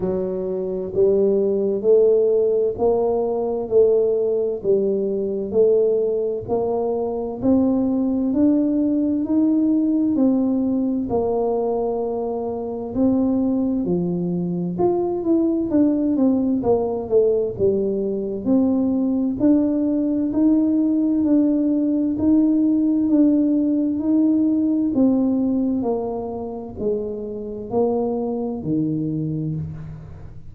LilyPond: \new Staff \with { instrumentName = "tuba" } { \time 4/4 \tempo 4 = 65 fis4 g4 a4 ais4 | a4 g4 a4 ais4 | c'4 d'4 dis'4 c'4 | ais2 c'4 f4 |
f'8 e'8 d'8 c'8 ais8 a8 g4 | c'4 d'4 dis'4 d'4 | dis'4 d'4 dis'4 c'4 | ais4 gis4 ais4 dis4 | }